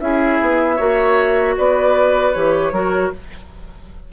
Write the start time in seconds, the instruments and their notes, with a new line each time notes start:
0.00 bassoon C#4, clarinet E4, oboe G#4, flute E5
0.41 bassoon B3
0.76 bassoon A#3, clarinet F#4, oboe C#5
1.57 bassoon B3, oboe B4, flute D5
2.33 bassoon E3, clarinet G4, flute C#5
2.71 bassoon F#3, clarinet F#4, oboe A#4